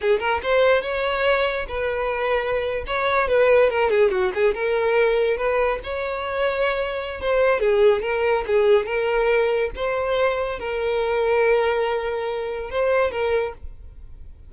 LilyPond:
\new Staff \with { instrumentName = "violin" } { \time 4/4 \tempo 4 = 142 gis'8 ais'8 c''4 cis''2 | b'2~ b'8. cis''4 b'16~ | b'8. ais'8 gis'8 fis'8 gis'8 ais'4~ ais'16~ | ais'8. b'4 cis''2~ cis''16~ |
cis''4 c''4 gis'4 ais'4 | gis'4 ais'2 c''4~ | c''4 ais'2.~ | ais'2 c''4 ais'4 | }